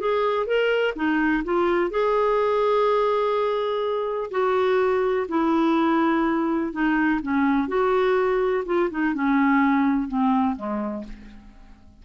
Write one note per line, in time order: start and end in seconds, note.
0.00 0.47 G#4
0.47 0.95 A#4
0.96 1.44 D#4
1.45 1.91 F4
1.91 4.31 G#4
4.32 5.28 F#4
5.29 6.73 E4
6.73 7.21 D#4
7.23 7.68 C#4
7.68 8.64 F#4
8.66 8.90 F4
8.91 9.15 D#4
9.15 10.08 C#4
10.08 10.56 C4
10.57 11.05 G#3